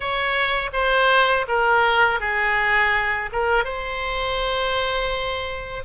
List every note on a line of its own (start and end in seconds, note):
0.00 0.70 C#5
0.73 1.46 C5
1.47 2.20 A#4
2.20 3.29 G#4
3.32 3.64 A#4
3.64 5.84 C5